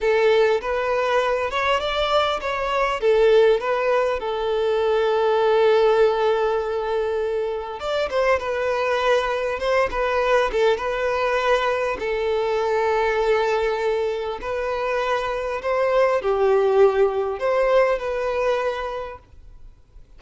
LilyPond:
\new Staff \with { instrumentName = "violin" } { \time 4/4 \tempo 4 = 100 a'4 b'4. cis''8 d''4 | cis''4 a'4 b'4 a'4~ | a'1~ | a'4 d''8 c''8 b'2 |
c''8 b'4 a'8 b'2 | a'1 | b'2 c''4 g'4~ | g'4 c''4 b'2 | }